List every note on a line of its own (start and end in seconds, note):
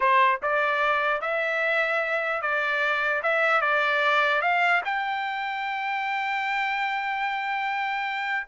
0.00 0.40 C5
0.42 1.21 D5
1.21 2.41 E5
2.41 3.22 D5
3.23 3.61 E5
3.61 4.41 D5
4.41 4.81 F5
4.84 8.47 G5